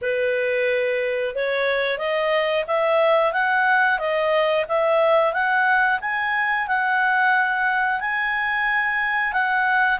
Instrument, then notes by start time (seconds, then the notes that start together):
clarinet
0.02 B4
1.35 C#5
1.98 D#5
2.67 E5
3.32 F#5
3.98 D#5
4.68 E5
5.33 F#5
6.01 G#5
6.67 F#5
8.00 G#5
9.32 F#5